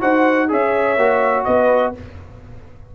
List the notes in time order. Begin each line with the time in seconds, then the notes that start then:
0.00 D#4 F#4 C5 F#5
0.49 C#4 G#4 C#5 E5
0.97 A#3 F#4
1.44 B3 B4 D#5